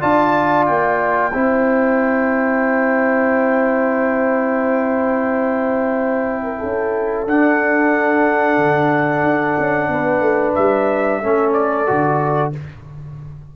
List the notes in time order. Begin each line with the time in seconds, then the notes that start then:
0.00 D4 F4 D5 A5
0.65 A#3 G5
1.33 C4 E4 C5
6.43 A#4
6.59 C#4 A4
7.25 D4 F#5
8.57 D3
9.23 D4
9.58 C#4
9.88 B3 B4
10.20 A3
10.55 G3 E5
11.22 A3 C#4 A4
11.52 D5
11.86 D3 F#4